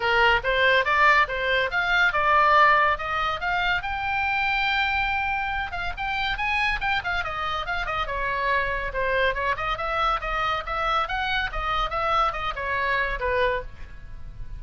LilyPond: \new Staff \with { instrumentName = "oboe" } { \time 4/4 \tempo 4 = 141 ais'4 c''4 d''4 c''4 | f''4 d''2 dis''4 | f''4 g''2.~ | g''4. f''8 g''4 gis''4 |
g''8 f''8 dis''4 f''8 dis''8 cis''4~ | cis''4 c''4 cis''8 dis''8 e''4 | dis''4 e''4 fis''4 dis''4 | e''4 dis''8 cis''4. b'4 | }